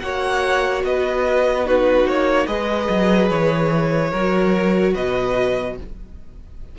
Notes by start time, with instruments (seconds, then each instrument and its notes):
0.00 cello A#3, viola F#4, violin C#5 F#5
0.84 cello B3, violin B4 D#5
1.66 viola D#4, violin F#4 B4
2.06 cello A#3, violin C#5
2.47 cello G#3, viola G#4, violin B4 D#5
2.90 cello F#3
3.30 cello E3, violin C#5
4.11 cello F#3, viola F#4, violin A#4
4.94 cello B2, violin B4 D#5